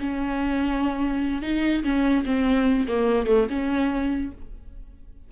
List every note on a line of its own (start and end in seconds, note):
0.00 1.42 C#4
1.42 1.83 D#4
1.83 2.25 C#4
2.25 2.87 C4
2.87 3.27 A#3
3.27 3.47 A3
3.50 4.32 C#4